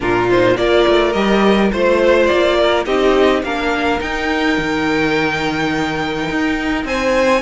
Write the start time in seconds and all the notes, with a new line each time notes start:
0.00 A#2 D4 F4 A#4
0.30 D#4 C5
0.56 A#3 F4 A#4 D5
0.87 A3
1.12 G3 G4 D#5
1.72 A3 F4 C5
2.26 A#3 D5
2.58 A#4
2.85 C4 D#4 G4 D#5
3.42 A#3 D4 A#4 F5
3.99 D#4 G5
4.58 D#3
6.30 D#4
6.84 C4 C5 G#5